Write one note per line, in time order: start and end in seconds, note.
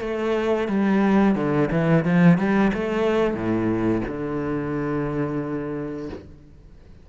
0.00 0.67 A3
0.68 1.35 G3
1.35 1.69 D3
1.71 2.04 E3
2.05 2.37 F3
2.37 2.71 G3
2.73 3.34 A3
3.34 4.02 A2
4.07 6.09 D3